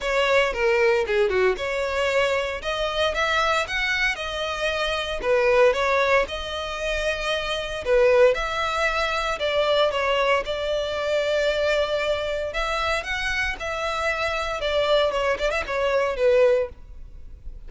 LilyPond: \new Staff \with { instrumentName = "violin" } { \time 4/4 \tempo 4 = 115 cis''4 ais'4 gis'8 fis'8 cis''4~ | cis''4 dis''4 e''4 fis''4 | dis''2 b'4 cis''4 | dis''2. b'4 |
e''2 d''4 cis''4 | d''1 | e''4 fis''4 e''2 | d''4 cis''8 d''16 e''16 cis''4 b'4 | }